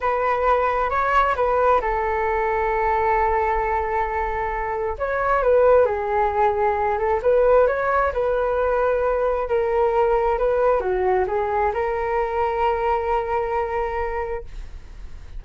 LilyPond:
\new Staff \with { instrumentName = "flute" } { \time 4/4 \tempo 4 = 133 b'2 cis''4 b'4 | a'1~ | a'2. cis''4 | b'4 gis'2~ gis'8 a'8 |
b'4 cis''4 b'2~ | b'4 ais'2 b'4 | fis'4 gis'4 ais'2~ | ais'1 | }